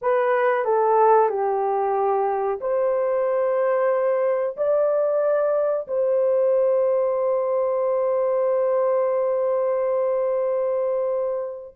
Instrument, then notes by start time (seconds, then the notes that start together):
horn
0.01 B4
0.65 A4
1.29 G4
2.60 C5
4.57 D5
5.87 C5